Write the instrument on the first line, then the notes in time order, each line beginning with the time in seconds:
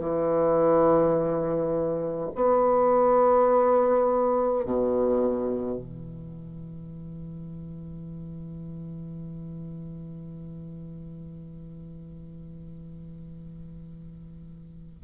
bassoon
0.00 E3
2.35 B3
4.66 B2
5.78 E3